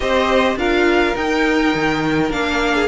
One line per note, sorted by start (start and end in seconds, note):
0.00 0.55 C4
0.00 0.57 G4
0.00 0.57 C5
0.00 0.57 D#5
0.55 1.13 D4
0.55 1.15 F4
0.55 2.74 A#4
0.55 1.16 F5
1.15 2.30 D#4
1.15 1.73 D#4
1.15 2.31 G5
1.74 2.30 D#3
2.30 2.87 A#3
2.30 2.87 D4
2.30 2.87 F5
2.74 2.87 G#4